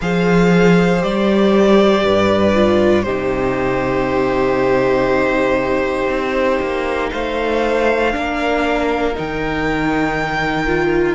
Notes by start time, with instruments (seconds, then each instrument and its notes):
0.01 cello F3, viola G#4, violin C5 F5
0.99 cello G3, viola G4, violin D5
2.03 cello G2, violin B4
2.54 viola F4
3.03 cello C3, viola D#4, violin G4 C5
6.07 cello C4
6.60 cello A#3
7.10 cello A3, violin C5 F5
8.11 cello A#3, viola D4, violin A#4
9.14 cello D#3, viola D#4, violin G5
10.66 viola F4